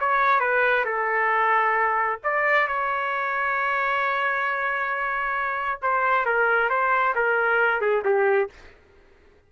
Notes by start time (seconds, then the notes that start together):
0.00 C#5
0.40 B4
0.85 A4
2.24 D5
2.68 C#5
5.82 C5
6.26 A#4
6.70 C5
7.15 A#4
7.81 G#4
8.05 G4